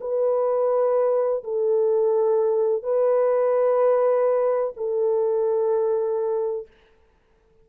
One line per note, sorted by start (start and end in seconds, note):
0.00 1.43 B4
1.43 2.83 A4
2.83 4.73 B4
4.76 6.67 A4